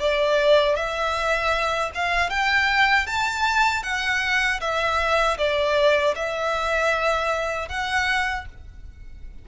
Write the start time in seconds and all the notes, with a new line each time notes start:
0.00 D5
0.76 E5
1.95 F5
2.30 G5
3.07 A5
3.84 F#5
4.61 E5
5.38 D5
6.16 E5
7.69 F#5